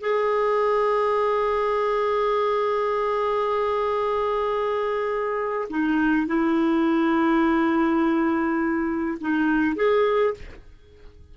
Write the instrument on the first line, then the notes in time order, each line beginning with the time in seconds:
clarinet
0.00 G#4
5.69 D#4
6.26 E4
9.20 D#4
9.75 G#4